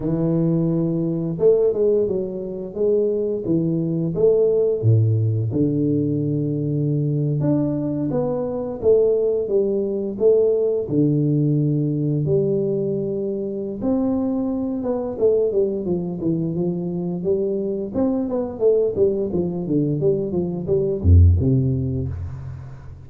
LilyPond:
\new Staff \with { instrumentName = "tuba" } { \time 4/4 \tempo 4 = 87 e2 a8 gis8 fis4 | gis4 e4 a4 a,4 | d2~ d8. d'4 b16~ | b8. a4 g4 a4 d16~ |
d4.~ d16 g2~ g16 | c'4. b8 a8 g8 f8 e8 | f4 g4 c'8 b8 a8 g8 | f8 d8 g8 f8 g8 f,8 c4 | }